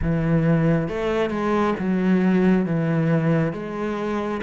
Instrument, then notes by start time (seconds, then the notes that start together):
cello
0.02 E3
0.88 A3
1.30 G#3
1.79 F#3
2.65 E3
3.52 G#3